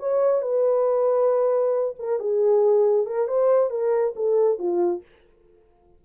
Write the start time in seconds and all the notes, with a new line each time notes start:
0.00 C#5
0.42 B4
1.99 A#4
2.20 G#4
3.07 A#4
3.28 C5
3.71 A#4
4.16 A4
4.59 F4